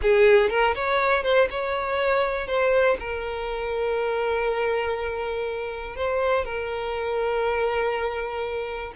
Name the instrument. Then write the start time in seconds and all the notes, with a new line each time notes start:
violin
0.02 G#4
0.49 A#4
0.75 C#5
1.23 C5
1.50 C#5
2.47 C5
2.99 A#4
5.96 C5
6.44 A#4